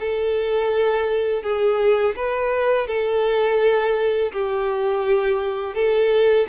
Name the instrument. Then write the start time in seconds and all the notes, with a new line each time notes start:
violin
0.00 A4
1.43 G#4
2.16 B4
2.87 A4
4.32 G4
5.75 A4